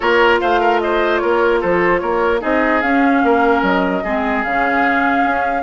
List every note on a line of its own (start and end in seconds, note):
0.00 0.41 A#3
0.00 2.40 F4
0.00 0.40 A#4
0.00 0.38 C#5
0.40 1.23 A3
0.40 0.60 C5
0.40 0.80 F5
0.60 0.80 A#4
0.80 1.22 C5
0.80 1.18 D#5
1.18 1.63 A#3
1.18 1.60 A#4
1.18 1.58 C#5
1.60 2.01 F3
1.60 2.00 A4
1.60 1.99 C5
1.99 2.42 A#3
1.99 2.41 A#4
1.99 2.39 C#5
2.40 2.82 C4
2.40 2.81 D#4
2.40 3.21 G#4
2.40 2.81 D#5
2.81 3.23 C#4
2.81 4.04 C#4
2.81 3.62 F5
3.23 3.62 A#3
3.23 4.03 A#4
3.62 4.02 F#3
3.62 4.43 D#5
4.03 4.45 G#3
4.03 4.45 C4
4.03 5.62 G#4
4.43 5.25 C#3
4.43 5.62 C#4
4.43 5.62 F5
5.25 5.62 C#4